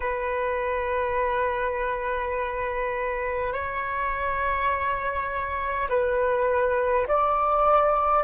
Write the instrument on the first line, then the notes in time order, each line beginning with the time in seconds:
flute
0.00 B4
3.52 C#5
5.89 B4
7.07 D5